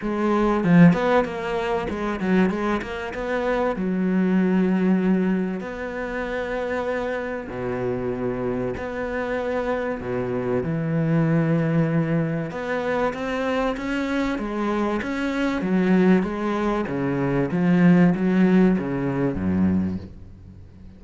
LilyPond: \new Staff \with { instrumentName = "cello" } { \time 4/4 \tempo 4 = 96 gis4 f8 b8 ais4 gis8 fis8 | gis8 ais8 b4 fis2~ | fis4 b2. | b,2 b2 |
b,4 e2. | b4 c'4 cis'4 gis4 | cis'4 fis4 gis4 cis4 | f4 fis4 cis4 fis,4 | }